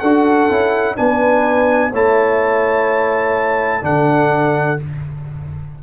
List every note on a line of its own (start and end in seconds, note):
0.00 0.50 D4
0.00 0.50 F#4
0.00 0.95 A4
0.00 0.95 F#5
0.50 0.98 C#4
0.50 0.96 E4
0.96 1.93 B3
0.96 1.91 D4
0.96 1.91 B4
0.96 1.92 G#5
1.91 3.83 A3
1.91 3.82 E4
1.91 3.82 C#5
1.91 3.85 A5
3.82 4.78 D3
3.82 4.77 D4
3.82 4.83 A4
3.82 4.80 F#5